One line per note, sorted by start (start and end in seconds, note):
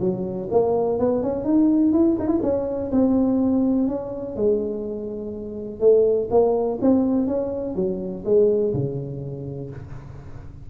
0.00 0.48 F#3
0.51 0.99 A#3
0.99 1.23 B3
1.23 1.45 C#4
1.45 1.93 D#4
1.93 2.17 E4
2.19 2.28 D#4
2.28 2.40 E4
2.43 2.91 C#4
2.92 3.88 C4
3.88 4.36 C#4
4.36 5.80 G#3
5.80 6.29 A3
6.30 6.79 A#3
6.81 7.27 C4
7.27 7.75 C#4
7.75 8.23 F#3
8.25 8.73 G#3
8.73 9.70 C#3